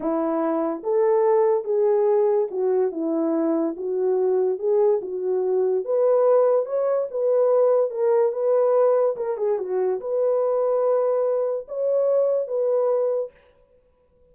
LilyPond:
\new Staff \with { instrumentName = "horn" } { \time 4/4 \tempo 4 = 144 e'2 a'2 | gis'2 fis'4 e'4~ | e'4 fis'2 gis'4 | fis'2 b'2 |
cis''4 b'2 ais'4 | b'2 ais'8 gis'8 fis'4 | b'1 | cis''2 b'2 | }